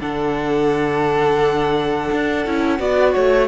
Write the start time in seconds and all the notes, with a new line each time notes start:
0.00 D3 D4 A4 F#5
2.11 D4
2.46 C#4 E4
2.78 B3 F#4 D5
3.14 A3 C#5